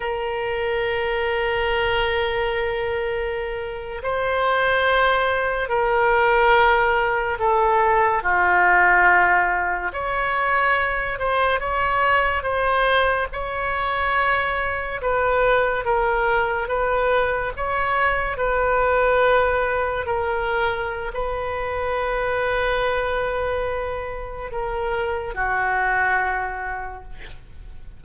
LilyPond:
\new Staff \with { instrumentName = "oboe" } { \time 4/4 \tempo 4 = 71 ais'1~ | ais'8. c''2 ais'4~ ais'16~ | ais'8. a'4 f'2 cis''16~ | cis''4~ cis''16 c''8 cis''4 c''4 cis''16~ |
cis''4.~ cis''16 b'4 ais'4 b'16~ | b'8. cis''4 b'2 ais'16~ | ais'4 b'2.~ | b'4 ais'4 fis'2 | }